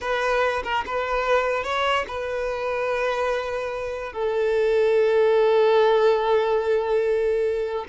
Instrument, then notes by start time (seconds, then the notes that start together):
violin
0.00 B4
0.63 A#4
0.86 B4
1.63 C#5
2.07 B4
4.13 A4